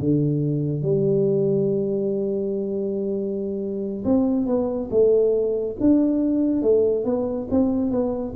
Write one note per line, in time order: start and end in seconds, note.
0.00 0.82 D3
0.82 4.04 G3
4.04 4.46 C4
4.46 4.89 B3
4.91 5.76 A3
5.80 6.62 D4
6.62 7.05 A3
7.05 7.48 B3
7.50 7.91 C4
7.91 8.34 B3